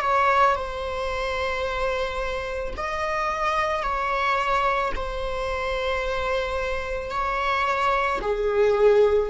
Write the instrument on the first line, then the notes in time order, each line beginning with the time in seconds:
viola
0.00 C#5
0.55 C5
2.76 D#5
3.83 C#5
4.95 C5
7.10 C#5
8.21 G#4